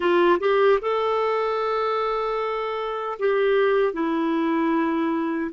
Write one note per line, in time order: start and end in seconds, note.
0.00 0.38 F4
0.39 0.79 G4
0.81 3.18 A4
3.19 3.93 G4
3.93 5.51 E4